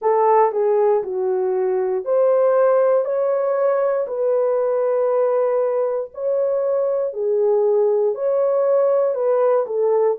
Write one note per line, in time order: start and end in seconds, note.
0.01 0.51 A4
0.51 1.02 G#4
1.03 2.04 F#4
2.04 3.05 C5
3.05 4.06 C#5
4.07 6.10 B4
6.13 7.13 C#5
7.13 8.14 G#4
8.14 9.14 C#5
9.14 9.65 B4
9.66 10.17 A4